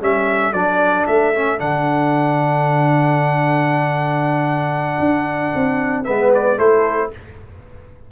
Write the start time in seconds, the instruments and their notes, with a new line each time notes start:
0.00 tuba G3, trombone C#4, horn A4, trumpet E5
0.53 tuba F#3, trombone D4, trumpet D5
1.07 tuba A3, trumpet E5
1.34 trombone C#4
1.58 tuba D3, trombone D4, trumpet F#5
4.99 tuba D4
5.55 tuba C4
6.04 tuba G#3, trombone B3, horn B4, trumpet E5
6.34 trumpet D5
6.57 tuba A3, trombone E4, horn A4, trumpet C5